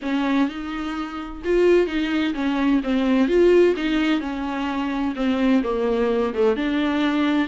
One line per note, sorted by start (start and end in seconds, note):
0.02 0.48 C#4
0.48 1.42 D#4
1.44 1.86 F4
1.86 2.33 D#4
2.34 2.81 C#4
2.83 3.28 C4
3.28 3.75 F4
3.76 4.20 D#4
4.20 5.14 C#4
5.15 5.62 C4
5.63 6.33 A#3
6.34 6.56 A3
6.56 7.48 D4